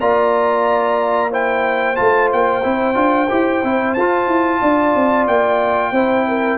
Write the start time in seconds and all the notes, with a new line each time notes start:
0.00 A#3 F4 D5 A#5
1.31 E4 C5 G5
1.96 A3 F4 A5
2.33 A#3 G5
2.63 C4 E4
2.94 D4 F4
3.29 E4 G4
3.63 C4 E4
3.94 F4 A5
4.27 E4
4.62 D4 D5
4.95 C4
5.27 A#3 G5
5.91 C4 E4 C5
6.28 A#4